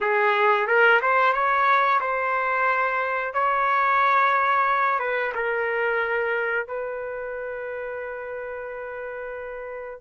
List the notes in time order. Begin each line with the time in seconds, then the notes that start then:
0.00 G#4
0.67 A#4
1.01 C5
1.33 C#5
2.00 C5
3.33 C#5
4.99 B4
5.34 A#4
6.67 B4